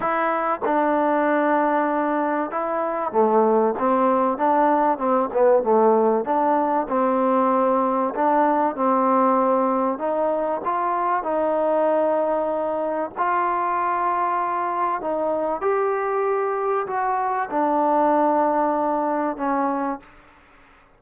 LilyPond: \new Staff \with { instrumentName = "trombone" } { \time 4/4 \tempo 4 = 96 e'4 d'2. | e'4 a4 c'4 d'4 | c'8 b8 a4 d'4 c'4~ | c'4 d'4 c'2 |
dis'4 f'4 dis'2~ | dis'4 f'2. | dis'4 g'2 fis'4 | d'2. cis'4 | }